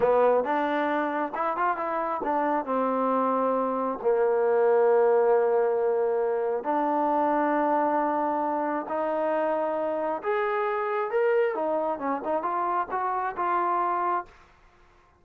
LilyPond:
\new Staff \with { instrumentName = "trombone" } { \time 4/4 \tempo 4 = 135 b4 d'2 e'8 f'8 | e'4 d'4 c'2~ | c'4 ais2.~ | ais2. d'4~ |
d'1 | dis'2. gis'4~ | gis'4 ais'4 dis'4 cis'8 dis'8 | f'4 fis'4 f'2 | }